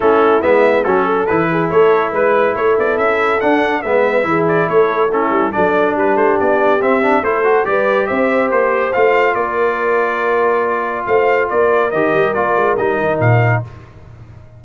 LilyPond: <<
  \new Staff \with { instrumentName = "trumpet" } { \time 4/4 \tempo 4 = 141 a'4 e''4 a'4 b'4 | cis''4 b'4 cis''8 d''8 e''4 | fis''4 e''4. d''8 cis''4 | a'4 d''4 b'8 c''8 d''4 |
e''4 c''4 d''4 e''4 | c''4 f''4 d''2~ | d''2 f''4 d''4 | dis''4 d''4 dis''4 f''4 | }
  \new Staff \with { instrumentName = "horn" } { \time 4/4 e'2 fis'8 a'4 gis'8 | a'4 b'4 a'2~ | a'4 b'4 gis'4 a'4 | e'4 a'4 g'2~ |
g'4 a'4 b'4 c''4~ | c''2 ais'2~ | ais'2 c''4 ais'4~ | ais'1 | }
  \new Staff \with { instrumentName = "trombone" } { \time 4/4 cis'4 b4 cis'4 e'4~ | e'1 | d'4 b4 e'2 | cis'4 d'2. |
c'8 d'8 e'8 fis'8 g'2~ | g'4 f'2.~ | f'1 | g'4 f'4 dis'2 | }
  \new Staff \with { instrumentName = "tuba" } { \time 4/4 a4 gis4 fis4 e4 | a4 gis4 a8 b8 cis'4 | d'4 gis4 e4 a4~ | a8 g8 fis4 g8 a8 b4 |
c'4 a4 g4 c'4 | ais4 a4 ais2~ | ais2 a4 ais4 | dis8 g8 ais8 gis8 g8 dis8 ais,4 | }
>>